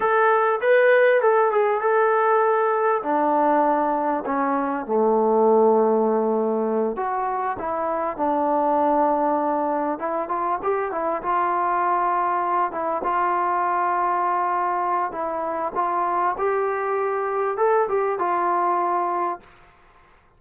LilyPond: \new Staff \with { instrumentName = "trombone" } { \time 4/4 \tempo 4 = 99 a'4 b'4 a'8 gis'8 a'4~ | a'4 d'2 cis'4 | a2.~ a8 fis'8~ | fis'8 e'4 d'2~ d'8~ |
d'8 e'8 f'8 g'8 e'8 f'4.~ | f'4 e'8 f'2~ f'8~ | f'4 e'4 f'4 g'4~ | g'4 a'8 g'8 f'2 | }